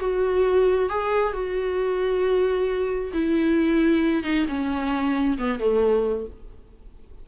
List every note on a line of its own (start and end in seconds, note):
0.00 0.90 F#4
0.90 1.33 G#4
1.33 3.12 F#4
3.13 4.24 E4
4.24 4.46 D#4
4.48 5.38 C#4
5.38 5.59 B3
5.59 6.27 A3